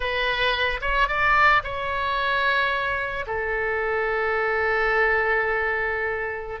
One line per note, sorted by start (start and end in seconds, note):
0.00 0.80 B4
0.81 1.08 C#5
1.08 1.62 D5
1.63 3.25 C#5
3.26 6.60 A4